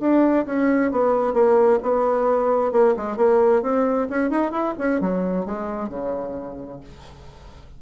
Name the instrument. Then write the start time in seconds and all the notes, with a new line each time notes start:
bassoon
0.00 D4
0.46 C#4
0.92 B3
1.33 A#3
1.83 B3
2.72 A#3
2.96 G#3
3.17 A#3
3.62 C4
4.10 C#4
4.30 D#4
4.51 E4
4.78 C#4
5.01 F#3
5.45 G#3
5.89 C#3